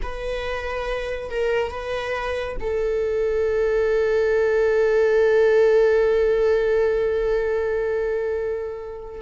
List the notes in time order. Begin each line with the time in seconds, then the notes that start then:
0.02 B4
1.30 A#4
1.71 B4
2.59 A4